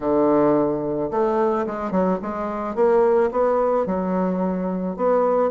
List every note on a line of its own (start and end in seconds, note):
0.00 1.10 D3
1.10 1.65 A3
1.66 1.91 G#3
1.91 2.18 F#3
2.21 2.75 G#3
2.75 3.30 A#3
3.31 3.86 B3
3.86 4.96 F#3
4.96 5.50 B3